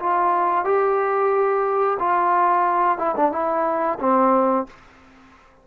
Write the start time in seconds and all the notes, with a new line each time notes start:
0.00 F4
0.65 G4
2.00 F4
2.98 E4
3.17 D4
3.32 E4
4.00 C4